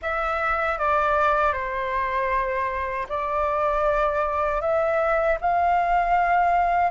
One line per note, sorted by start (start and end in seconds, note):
0.01 0.78 E5
0.78 1.52 D5
1.52 3.06 C5
3.08 4.61 D5
4.61 5.38 E5
5.41 6.91 F5